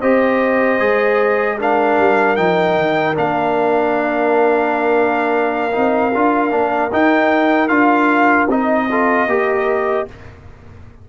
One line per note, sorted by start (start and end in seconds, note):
0.00 0.79 C4
0.00 0.79 G4
0.00 1.58 C5
0.00 1.58 D#5
0.79 1.97 G#3
0.79 1.58 G#4
1.58 2.37 D4
1.58 8.89 A#4
1.58 2.36 F5
1.98 2.37 G3
2.36 2.76 F3
2.36 3.14 D#4
2.36 3.15 G5
2.76 3.16 D#3
3.14 5.74 A#3
3.14 5.71 D4
3.14 6.92 F5
5.72 6.15 C4
5.72 6.12 D#4
6.14 6.52 D4
6.14 6.50 F4
6.50 6.91 A#3
6.50 6.90 D4
6.92 7.69 D#4
6.92 7.68 G5
7.68 8.48 D4
7.68 8.48 F4
7.68 8.47 F5
8.48 9.26 C4
8.48 8.89 D#4
8.48 10.09 D#5
8.89 9.28 F4
8.89 9.29 A4
9.26 10.05 A#3
9.26 10.07 G4
9.26 10.08 A#4